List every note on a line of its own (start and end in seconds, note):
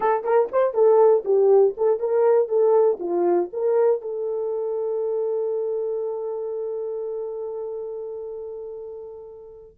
0.00 0.23 A4
0.23 0.48 A#4
0.52 0.74 C5
0.74 1.24 A4
1.25 1.75 G4
1.77 1.99 A4
1.99 2.48 A#4
2.48 2.98 A4
2.99 3.49 F4
3.52 4.01 A#4
4.01 9.76 A4